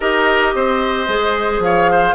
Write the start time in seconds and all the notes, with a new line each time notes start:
0.00 D#4 G4 A#4 D#5
0.54 C4 C5
1.08 G#3 G#4
1.59 F3 C#5 F5
1.91 C5